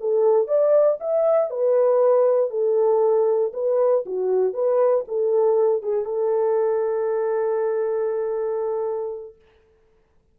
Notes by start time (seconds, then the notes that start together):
0.00 A4
0.47 D5
1.00 E5
1.50 B4
2.50 A4
3.53 B4
4.06 F#4
4.53 B4
5.08 A4
5.82 G#4
6.05 A4